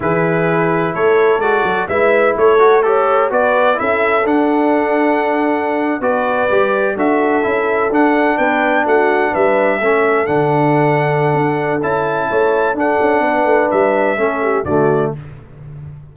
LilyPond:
<<
  \new Staff \with { instrumentName = "trumpet" } { \time 4/4 \tempo 4 = 127 b'2 cis''4 d''4 | e''4 cis''4 a'4 d''4 | e''4 fis''2.~ | fis''8. d''2 e''4~ e''16~ |
e''8. fis''4 g''4 fis''4 e''16~ | e''4.~ e''16 fis''2~ fis''16~ | fis''4 a''2 fis''4~ | fis''4 e''2 d''4 | }
  \new Staff \with { instrumentName = "horn" } { \time 4/4 gis'2 a'2 | b'4 a'4 cis''4 b'4 | a'1~ | a'8. b'2 a'4~ a'16~ |
a'4.~ a'16 b'4 fis'4 b'16~ | b'8. a'2.~ a'16~ | a'2 cis''4 a'4 | b'2 a'8 g'8 fis'4 | }
  \new Staff \with { instrumentName = "trombone" } { \time 4/4 e'2. fis'4 | e'4. fis'8 g'4 fis'4 | e'4 d'2.~ | d'8. fis'4 g'4 fis'4 e'16~ |
e'8. d'2.~ d'16~ | d'8. cis'4 d'2~ d'16~ | d'4 e'2 d'4~ | d'2 cis'4 a4 | }
  \new Staff \with { instrumentName = "tuba" } { \time 4/4 e2 a4 gis8 fis8 | gis4 a2 b4 | cis'4 d'2.~ | d'8. b4 g4 d'4 cis'16~ |
cis'8. d'4 b4 a4 g16~ | g8. a4 d2~ d16 | d'4 cis'4 a4 d'8 cis'8 | b8 a8 g4 a4 d4 | }
>>